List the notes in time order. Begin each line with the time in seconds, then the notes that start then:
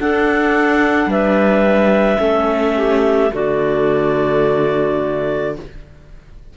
0.00 D4 A4 F#5
1.06 G3 B4 E5
2.18 A3 C#4 A4
2.77 G4
3.31 D3 A3 F#4 D5